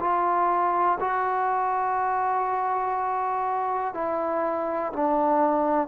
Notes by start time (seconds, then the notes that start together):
0.00 F4
1.00 F#4
3.94 E4
4.93 D4